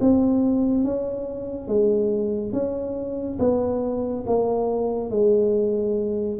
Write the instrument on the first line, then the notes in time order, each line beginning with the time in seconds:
tuba
0.00 C4
0.84 C#4
1.68 G#3
2.52 C#4
3.39 B3
4.26 A#3
5.10 G#3